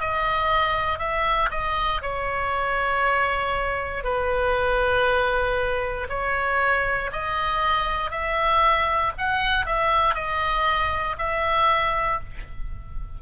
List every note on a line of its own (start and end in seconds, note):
0.00 0.98 D#5
0.98 1.49 E5
1.50 2.01 D#5
2.02 4.04 C#5
4.04 6.07 B4
6.09 7.10 C#5
7.12 8.10 D#5
8.10 9.12 E5
9.18 9.66 F#5
9.66 10.14 E5
10.14 11.16 D#5
11.18 12.19 E5